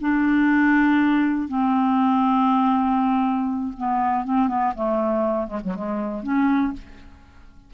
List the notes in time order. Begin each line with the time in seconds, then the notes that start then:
0.00 D4
1.48 C4
3.76 B3
4.24 C4
4.47 B3
4.75 A3
5.47 G#3
5.63 F#3
5.74 G#3
6.23 C#4